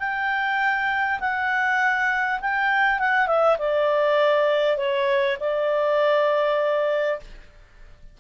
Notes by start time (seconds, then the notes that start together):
0.00 G5
1.20 F#5
2.41 G5
3.00 F#5
3.27 E5
3.59 D5
4.77 C#5
5.40 D5